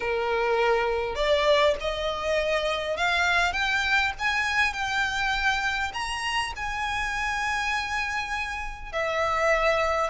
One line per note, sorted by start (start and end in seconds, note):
0.00 1.15 A#4
1.15 1.74 D5
1.80 2.96 D#5
2.96 3.53 F5
3.53 4.12 G5
4.19 4.73 G#5
4.73 5.91 G5
5.93 6.53 A#5
6.56 8.92 G#5
8.92 10.09 E5